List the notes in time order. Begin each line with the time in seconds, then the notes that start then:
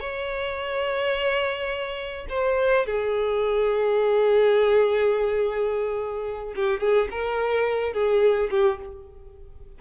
0.00 C#5
2.30 C5
2.86 G#4
6.56 G4
6.80 G#4
7.11 A#4
7.93 G#4
8.50 G4